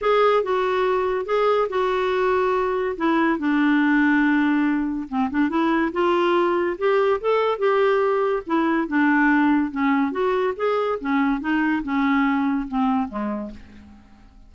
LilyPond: \new Staff \with { instrumentName = "clarinet" } { \time 4/4 \tempo 4 = 142 gis'4 fis'2 gis'4 | fis'2. e'4 | d'1 | c'8 d'8 e'4 f'2 |
g'4 a'4 g'2 | e'4 d'2 cis'4 | fis'4 gis'4 cis'4 dis'4 | cis'2 c'4 gis4 | }